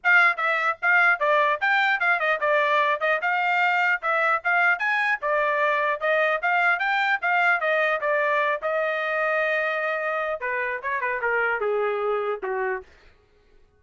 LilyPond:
\new Staff \with { instrumentName = "trumpet" } { \time 4/4 \tempo 4 = 150 f''4 e''4 f''4 d''4 | g''4 f''8 dis''8 d''4. dis''8 | f''2 e''4 f''4 | gis''4 d''2 dis''4 |
f''4 g''4 f''4 dis''4 | d''4. dis''2~ dis''8~ | dis''2 b'4 cis''8 b'8 | ais'4 gis'2 fis'4 | }